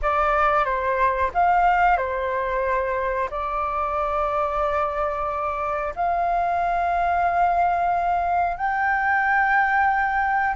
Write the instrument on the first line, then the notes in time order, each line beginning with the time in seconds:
flute
0.02 D5
0.64 C5
1.34 F5
1.97 C5
3.30 D5
5.95 F5
8.57 G5